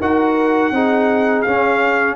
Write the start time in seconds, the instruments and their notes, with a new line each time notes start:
0.00 tuba D#4, trombone F#4, horn A#4, trumpet F#5
0.71 tuba C4, trombone D#4, horn G#4
1.42 tuba C#4, trombone C#4, trumpet F5